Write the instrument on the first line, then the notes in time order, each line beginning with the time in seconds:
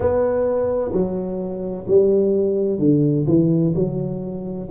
tuba
0.00 B3
0.92 F#3
1.87 G3
2.79 D3
3.26 E3
3.75 F#3